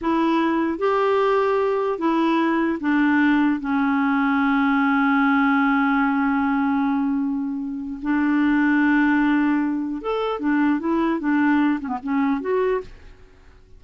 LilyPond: \new Staff \with { instrumentName = "clarinet" } { \time 4/4 \tempo 4 = 150 e'2 g'2~ | g'4 e'2 d'4~ | d'4 cis'2.~ | cis'1~ |
cis'1 | d'1~ | d'4 a'4 d'4 e'4 | d'4. cis'16 b16 cis'4 fis'4 | }